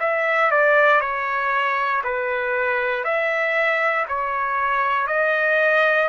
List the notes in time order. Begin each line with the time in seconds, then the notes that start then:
0.00 E5
0.51 D5
1.00 C#5
2.04 B4
3.04 E5
4.08 C#5
5.07 D#5